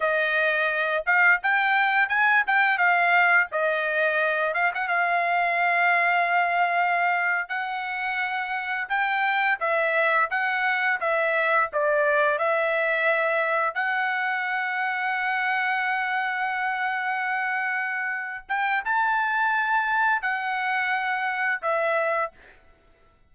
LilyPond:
\new Staff \with { instrumentName = "trumpet" } { \time 4/4 \tempo 4 = 86 dis''4. f''8 g''4 gis''8 g''8 | f''4 dis''4. f''16 fis''16 f''4~ | f''2~ f''8. fis''4~ fis''16~ | fis''8. g''4 e''4 fis''4 e''16~ |
e''8. d''4 e''2 fis''16~ | fis''1~ | fis''2~ fis''8 g''8 a''4~ | a''4 fis''2 e''4 | }